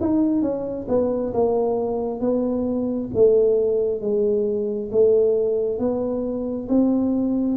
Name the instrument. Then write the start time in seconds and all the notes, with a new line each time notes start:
tuba
0.00 D#4
0.42 C#4
0.88 B3
1.33 A#3
2.20 B3
3.14 A3
4.01 G#3
4.91 A3
5.78 B3
6.68 C4